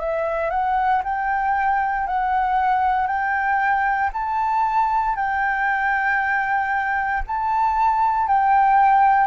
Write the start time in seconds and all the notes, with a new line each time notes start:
0.00 E5
0.50 F#5
1.03 G5
2.07 F#5
3.07 G5
4.13 A5
5.16 G5
7.27 A5
8.28 G5